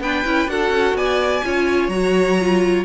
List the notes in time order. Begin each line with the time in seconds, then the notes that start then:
0.00 B3 D4 B4 G5
0.25 C#4 E4
0.48 D4 F#4 A4 F#5
0.70 C#4
0.94 B3 D5 G#5
1.44 C#4 F4 C#5
1.88 F#3 F#4 A#5
2.41 F4